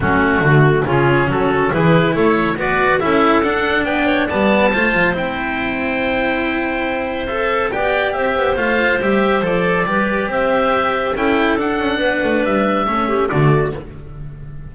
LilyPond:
<<
  \new Staff \with { instrumentName = "oboe" } { \time 4/4 \tempo 4 = 140 fis'2 gis'4 a'4 | b'4 cis''4 d''4 e''4 | fis''4 g''4 a''2 | g''1~ |
g''4 e''4 g''4 e''4 | f''4 e''4 d''2 | e''2 g''4 fis''4~ | fis''4 e''2 d''4 | }
  \new Staff \with { instrumentName = "clarinet" } { \time 4/4 cis'4 fis'4 f'4 fis'4 | gis'4 a'4 b'4 a'4~ | a'4 b'8 cis''8 d''4 c''4~ | c''1~ |
c''2 d''4 c''4~ | c''2. b'4 | c''2 a'2 | b'2 a'8 g'8 fis'4 | }
  \new Staff \with { instrumentName = "cello" } { \time 4/4 a2 cis'2 | e'2 fis'4 e'4 | d'2 b4 f'4 | e'1~ |
e'4 a'4 g'2 | f'4 g'4 a'4 g'4~ | g'2 e'4 d'4~ | d'2 cis'4 a4 | }
  \new Staff \with { instrumentName = "double bass" } { \time 4/4 fis4 d4 cis4 fis4 | e4 a4 b4 cis'4 | d'4 b4 g4 a8 f8 | c'1~ |
c'2 b4 c'8 b8 | a4 g4 f4 g4 | c'2 cis'4 d'8 cis'8 | b8 a8 g4 a4 d4 | }
>>